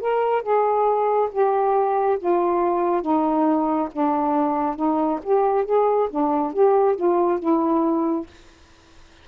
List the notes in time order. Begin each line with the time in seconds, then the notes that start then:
0.00 A#4
0.42 G#4
1.31 G4
2.19 F4
3.02 D#4
3.92 D4
4.75 D#4
5.23 G4
5.65 G#4
6.10 D4
6.53 G4
6.96 F4
7.39 E4